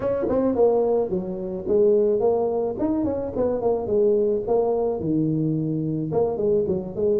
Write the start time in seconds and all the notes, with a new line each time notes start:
0.00 C#4
0.29 C4
0.55 A#3
1.09 F#3
1.67 G#3
2.20 A#3
2.79 D#4
3.04 C#4
3.36 B3
3.61 A#3
3.86 G#3
4.47 A#3
4.99 D#3
6.12 A#3
6.37 G#3
6.67 F#3
6.95 G#3